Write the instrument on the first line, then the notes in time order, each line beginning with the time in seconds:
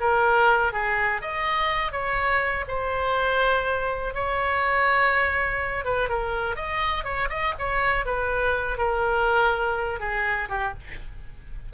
oboe
0.00 A#4
0.73 G#4
1.21 D#5
1.92 C#5
2.68 C5
4.14 C#5
5.85 B4
6.09 A#4
6.56 D#5
7.04 C#5
7.29 D#5
7.59 C#5
8.05 B4
8.78 A#4
10.00 G#4
10.49 G4